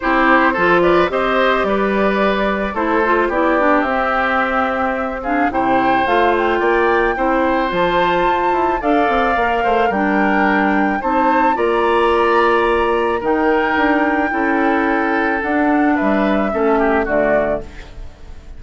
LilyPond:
<<
  \new Staff \with { instrumentName = "flute" } { \time 4/4 \tempo 4 = 109 c''4. d''8 dis''4 d''4~ | d''4 c''4 d''4 e''4~ | e''4. f''8 g''4 f''8 g''8~ | g''2 a''2 |
f''2 g''2 | a''4 ais''2. | g''1 | fis''4 e''2 d''4 | }
  \new Staff \with { instrumentName = "oboe" } { \time 4/4 g'4 a'8 b'8 c''4 b'4~ | b'4 a'4 g'2~ | g'4. gis'8 c''2 | d''4 c''2. |
d''4. c''8 ais'2 | c''4 d''2. | ais'2 a'2~ | a'4 b'4 a'8 g'8 fis'4 | }
  \new Staff \with { instrumentName = "clarinet" } { \time 4/4 e'4 f'4 g'2~ | g'4 e'8 f'8 e'8 d'8 c'4~ | c'4. d'8 e'4 f'4~ | f'4 e'4 f'2 |
a'4 ais'4 d'2 | dis'4 f'2. | dis'2 e'2 | d'2 cis'4 a4 | }
  \new Staff \with { instrumentName = "bassoon" } { \time 4/4 c'4 f4 c'4 g4~ | g4 a4 b4 c'4~ | c'2 c4 a4 | ais4 c'4 f4 f'8 e'8 |
d'8 c'8 ais8 a8 g2 | c'4 ais2. | dis4 d'4 cis'2 | d'4 g4 a4 d4 | }
>>